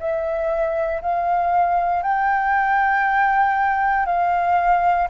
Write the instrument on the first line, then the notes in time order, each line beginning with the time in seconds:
flute
0.00 E5
1.02 F5
2.03 G5
4.06 F5